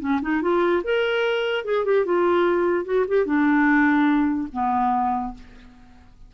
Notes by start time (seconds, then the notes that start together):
0.00 C#4
0.22 D#4
0.42 F4
0.84 A#4
1.65 G#4
1.85 G4
2.06 F4
2.85 F#4
3.08 G4
3.26 D4
4.53 B3